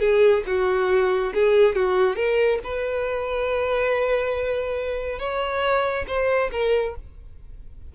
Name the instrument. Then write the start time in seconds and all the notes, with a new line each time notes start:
violin
0.00 G#4
0.47 F#4
1.34 G#4
1.75 F#4
2.16 A#4
2.64 B4
5.19 C#5
6.07 C5
6.52 A#4